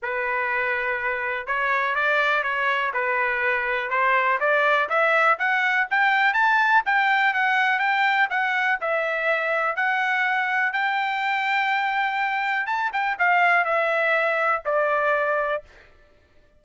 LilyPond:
\new Staff \with { instrumentName = "trumpet" } { \time 4/4 \tempo 4 = 123 b'2. cis''4 | d''4 cis''4 b'2 | c''4 d''4 e''4 fis''4 | g''4 a''4 g''4 fis''4 |
g''4 fis''4 e''2 | fis''2 g''2~ | g''2 a''8 g''8 f''4 | e''2 d''2 | }